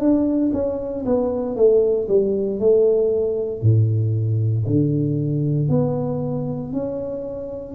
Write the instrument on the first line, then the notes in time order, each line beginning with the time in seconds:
tuba
0.00 D4
0.53 C#4
1.05 B3
1.56 A3
2.08 G3
2.59 A3
3.62 A2
4.66 D3
5.69 B3
6.73 C#4